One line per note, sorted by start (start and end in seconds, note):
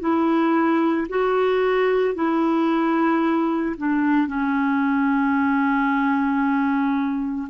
0.00 1.07 E4
1.09 2.15 F#4
2.15 3.76 E4
3.77 4.28 D4
4.28 7.49 C#4